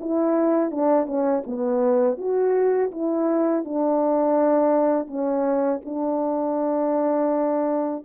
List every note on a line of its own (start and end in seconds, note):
0.00 0.71 E4
0.71 1.06 D4
1.06 1.43 C#4
1.47 2.18 B3
2.18 2.91 F#4
2.91 3.65 E4
3.65 5.07 D4
5.07 5.80 C#4
5.85 8.04 D4